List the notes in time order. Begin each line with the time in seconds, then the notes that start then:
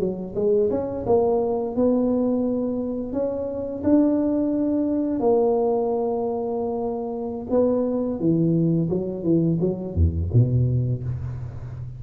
0.00 F#3
0.36 G#3
0.71 C#4
1.07 A#3
1.76 B3
3.13 C#4
3.84 D4
5.20 A#3
7.51 B3
8.20 E3
8.90 F#3
9.23 E3
9.61 F#3
9.95 E2
10.34 B2